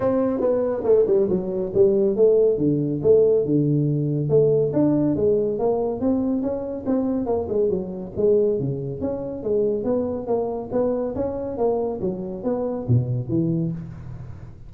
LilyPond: \new Staff \with { instrumentName = "tuba" } { \time 4/4 \tempo 4 = 140 c'4 b4 a8 g8 fis4 | g4 a4 d4 a4 | d2 a4 d'4 | gis4 ais4 c'4 cis'4 |
c'4 ais8 gis8 fis4 gis4 | cis4 cis'4 gis4 b4 | ais4 b4 cis'4 ais4 | fis4 b4 b,4 e4 | }